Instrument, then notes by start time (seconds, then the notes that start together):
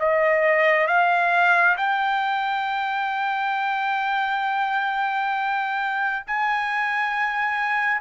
trumpet
0.00 D#5
0.88 F5
1.78 G5
6.27 G#5